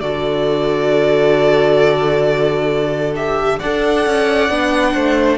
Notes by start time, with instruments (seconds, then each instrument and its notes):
0.00 cello D3, viola F#4, violin A4 D5
3.15 viola G4, violin E5
3.58 cello D4, viola A4, violin D5 F#5
4.06 cello C#4
4.50 cello B3, viola D4
4.94 cello A3, violin C5